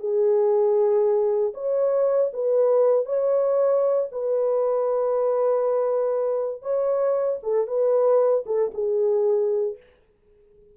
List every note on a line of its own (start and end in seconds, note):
0.00 1.54 G#4
1.55 2.31 C#5
2.34 3.06 B4
3.06 4.09 C#5
4.12 6.62 B4
6.62 7.39 C#5
7.43 7.68 A4
7.68 8.45 B4
8.47 8.72 A4
8.75 9.77 G#4